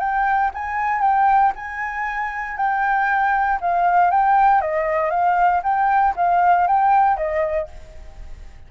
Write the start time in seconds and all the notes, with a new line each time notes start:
0.00 G5
0.54 G#5
1.01 G5
1.56 G#5
2.57 G5
3.61 F5
4.11 G5
4.61 D#5
5.11 F5
5.63 G5
6.16 F5
6.68 G5
7.17 D#5